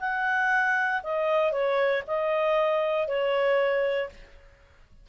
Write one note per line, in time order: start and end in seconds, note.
0.00 1.02 F#5
1.03 1.52 D#5
1.52 2.03 C#5
2.08 3.08 D#5
3.08 4.10 C#5